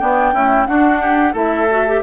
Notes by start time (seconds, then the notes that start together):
0.00 B3 D4 G5
0.33 A3 C#4 E4
0.67 D4 F#4 F#5
1.01 G4
1.33 A3 E4 A4 E5
1.70 F#4
1.87 G4